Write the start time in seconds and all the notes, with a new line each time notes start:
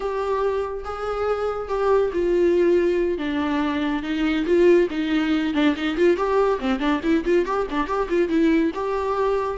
0.00 G4
0.84 G#4
1.68 G4
2.13 F4
3.17 D4
4.02 D#4
4.46 F4
4.90 D#4
5.54 D4
5.76 D#4
5.97 F4
6.16 G4
6.59 C4
6.79 D4
7.03 E4
7.24 F4
7.45 G4
7.70 D4
7.87 G4
8.09 F4
8.29 E4
8.74 G4